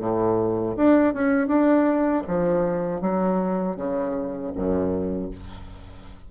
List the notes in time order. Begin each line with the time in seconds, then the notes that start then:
0.00 A2
0.77 D4
1.14 C#4
1.48 D4
2.28 F3
3.01 F#3
3.76 C#3
4.55 F#2